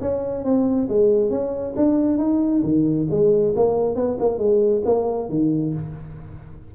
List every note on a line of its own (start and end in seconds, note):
0.00 0.44 C#4
0.44 0.88 C4
0.88 1.30 G#3
1.30 1.74 C#4
1.76 2.18 D4
2.18 2.62 D#4
2.63 3.07 D#3
3.10 3.54 G#3
3.55 3.95 A#3
3.95 4.17 B3
4.19 4.38 A#3
4.38 4.82 G#3
4.85 5.29 A#3
5.29 5.73 D#3